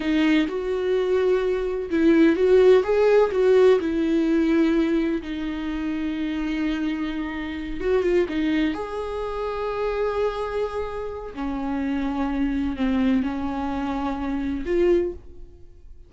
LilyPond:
\new Staff \with { instrumentName = "viola" } { \time 4/4 \tempo 4 = 127 dis'4 fis'2. | e'4 fis'4 gis'4 fis'4 | e'2. dis'4~ | dis'1~ |
dis'8 fis'8 f'8 dis'4 gis'4.~ | gis'1 | cis'2. c'4 | cis'2. f'4 | }